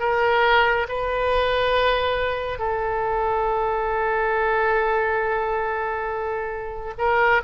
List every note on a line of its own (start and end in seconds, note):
0.00 0.87 A#4
0.89 2.59 B4
2.59 6.94 A4
6.98 7.42 A#4